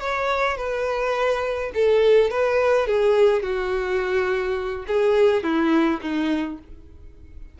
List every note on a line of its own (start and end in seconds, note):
0.00 0.57 C#5
0.57 1.71 B4
1.74 2.30 A4
2.30 2.87 B4
2.87 3.42 G#4
3.42 4.85 F#4
4.87 5.43 G#4
5.43 6.00 E4
6.01 6.58 D#4